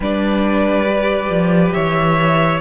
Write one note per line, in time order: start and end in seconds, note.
0.00 1.29 G3
0.00 0.85 D4
0.00 1.74 B4
0.00 1.72 D5
0.85 2.59 G4
1.29 1.72 F3
1.72 2.61 E3
1.72 2.61 C#5
1.72 2.59 E5